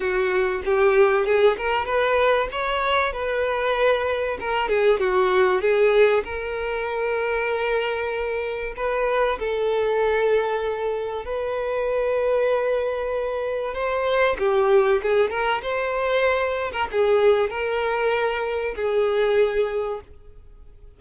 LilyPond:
\new Staff \with { instrumentName = "violin" } { \time 4/4 \tempo 4 = 96 fis'4 g'4 gis'8 ais'8 b'4 | cis''4 b'2 ais'8 gis'8 | fis'4 gis'4 ais'2~ | ais'2 b'4 a'4~ |
a'2 b'2~ | b'2 c''4 g'4 | gis'8 ais'8 c''4.~ c''16 ais'16 gis'4 | ais'2 gis'2 | }